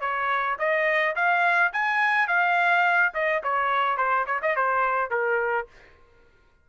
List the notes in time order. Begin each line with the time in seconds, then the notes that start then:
0.00 C#5
0.58 D#5
1.15 F5
1.72 G#5
2.27 F5
3.14 D#5
3.43 C#5
3.97 C5
4.26 C#5
4.42 D#5
4.55 C5
5.10 A#4